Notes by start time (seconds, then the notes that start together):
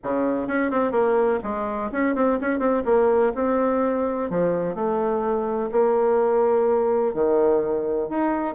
0.03 C#3
0.47 C#4
0.70 C4
0.91 A#3
1.43 G#3
1.91 C#4
2.15 C4
2.40 C#4
2.59 C4
2.85 A#3
3.34 C4
4.30 F3
4.74 A3
5.71 A#3
7.13 D#3
8.09 D#4